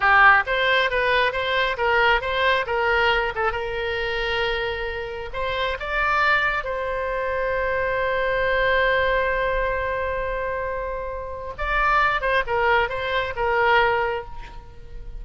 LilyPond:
\new Staff \with { instrumentName = "oboe" } { \time 4/4 \tempo 4 = 135 g'4 c''4 b'4 c''4 | ais'4 c''4 ais'4. a'8 | ais'1 | c''4 d''2 c''4~ |
c''1~ | c''1~ | c''2 d''4. c''8 | ais'4 c''4 ais'2 | }